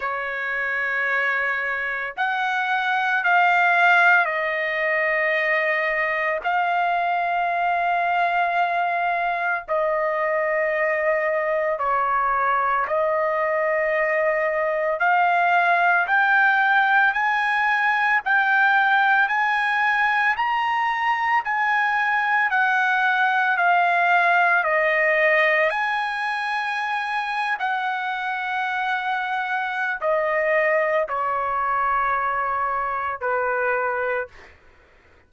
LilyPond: \new Staff \with { instrumentName = "trumpet" } { \time 4/4 \tempo 4 = 56 cis''2 fis''4 f''4 | dis''2 f''2~ | f''4 dis''2 cis''4 | dis''2 f''4 g''4 |
gis''4 g''4 gis''4 ais''4 | gis''4 fis''4 f''4 dis''4 | gis''4.~ gis''16 fis''2~ fis''16 | dis''4 cis''2 b'4 | }